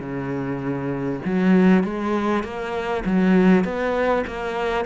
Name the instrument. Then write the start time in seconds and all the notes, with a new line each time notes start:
cello
0.00 C#3
1.25 F#3
1.84 G#3
2.43 A#3
3.05 F#3
3.64 B3
4.27 A#3